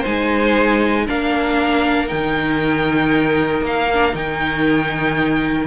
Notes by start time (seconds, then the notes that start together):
0.00 D#4 C5 G#5
0.06 G#3
1.07 A#3 D4 A#4 F5
2.08 D#3 D#4 G5
3.62 A#3 F5
3.94 D4
4.12 D#3 D#4 G5